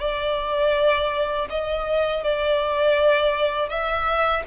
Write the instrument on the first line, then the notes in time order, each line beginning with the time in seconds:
violin
0.00 D5
1.50 D#5
2.24 D5
3.69 E5